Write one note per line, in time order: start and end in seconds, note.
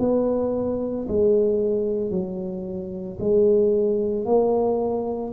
0.00 1.07 B3
1.09 2.11 G#3
2.11 3.18 F#3
3.20 4.26 G#3
4.26 5.33 A#3